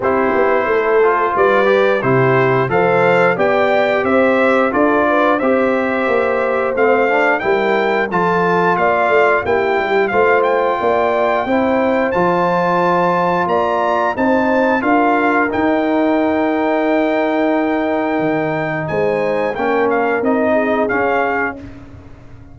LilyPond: <<
  \new Staff \with { instrumentName = "trumpet" } { \time 4/4 \tempo 4 = 89 c''2 d''4 c''4 | f''4 g''4 e''4 d''4 | e''2 f''4 g''4 | a''4 f''4 g''4 f''8 g''8~ |
g''2 a''2 | ais''4 a''4 f''4 g''4~ | g''1 | gis''4 g''8 f''8 dis''4 f''4 | }
  \new Staff \with { instrumentName = "horn" } { \time 4/4 g'4 a'4 b'4 g'4 | c''4 d''4 c''4 a'8 b'8 | c''2. ais'4 | a'4 d''4 g'4 c''4 |
d''4 c''2. | d''4 c''4 ais'2~ | ais'1 | c''4 ais'4. gis'4. | }
  \new Staff \with { instrumentName = "trombone" } { \time 4/4 e'4. f'4 g'8 e'4 | a'4 g'2 f'4 | g'2 c'8 d'8 e'4 | f'2 e'4 f'4~ |
f'4 e'4 f'2~ | f'4 dis'4 f'4 dis'4~ | dis'1~ | dis'4 cis'4 dis'4 cis'4 | }
  \new Staff \with { instrumentName = "tuba" } { \time 4/4 c'8 b8 a4 g4 c4 | f4 b4 c'4 d'4 | c'4 ais4 a4 g4 | f4 ais8 a8 ais8 g8 a4 |
ais4 c'4 f2 | ais4 c'4 d'4 dis'4~ | dis'2. dis4 | gis4 ais4 c'4 cis'4 | }
>>